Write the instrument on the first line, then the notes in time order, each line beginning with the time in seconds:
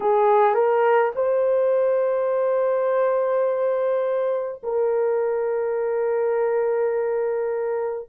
horn
0.00 G#4
0.54 A#4
1.15 C5
4.63 A#4